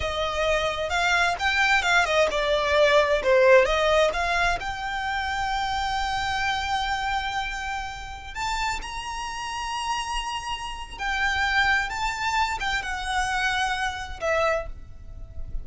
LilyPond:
\new Staff \with { instrumentName = "violin" } { \time 4/4 \tempo 4 = 131 dis''2 f''4 g''4 | f''8 dis''8 d''2 c''4 | dis''4 f''4 g''2~ | g''1~ |
g''2~ g''16 a''4 ais''8.~ | ais''1 | g''2 a''4. g''8 | fis''2. e''4 | }